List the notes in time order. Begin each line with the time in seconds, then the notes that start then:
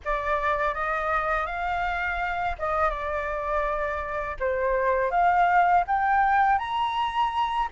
0.04 D5
0.74 D#5
1.46 F5
2.58 D#5
2.90 D5
4.39 C5
5.11 F5
5.87 G5
6.58 A#5